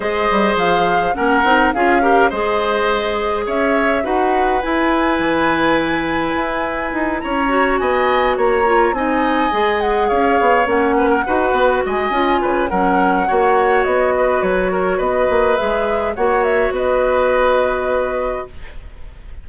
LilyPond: <<
  \new Staff \with { instrumentName = "flute" } { \time 4/4 \tempo 4 = 104 dis''4 f''4 fis''4 f''4 | dis''2 e''4 fis''4 | gis''1~ | gis''8 ais''4 gis''4 ais''4 gis''8~ |
gis''4 fis''8 f''4 fis''4.~ | fis''8 gis''4. fis''2 | dis''4 cis''4 dis''4 e''4 | fis''8 e''8 dis''2. | }
  \new Staff \with { instrumentName = "oboe" } { \time 4/4 c''2 ais'4 gis'8 ais'8 | c''2 cis''4 b'4~ | b'1~ | b'8 cis''4 dis''4 cis''4 dis''8~ |
dis''4. cis''4. b'16 ais'16 b'8~ | b'8 dis''4 b'8 ais'4 cis''4~ | cis''8 b'4 ais'8 b'2 | cis''4 b'2. | }
  \new Staff \with { instrumentName = "clarinet" } { \time 4/4 gis'2 cis'8 dis'8 f'8 g'8 | gis'2. fis'4 | e'1~ | e'4 fis'2 f'8 dis'8~ |
dis'8 gis'2 cis'4 fis'8~ | fis'4 f'4 cis'4 fis'4~ | fis'2. gis'4 | fis'1 | }
  \new Staff \with { instrumentName = "bassoon" } { \time 4/4 gis8 g8 f4 ais8 c'8 cis'4 | gis2 cis'4 dis'4 | e'4 e2 e'4 | dis'8 cis'4 b4 ais4 c'8~ |
c'8 gis4 cis'8 b8 ais4 dis'8 | b8 gis8 cis'8 cis8 fis4 ais4 | b4 fis4 b8 ais8 gis4 | ais4 b2. | }
>>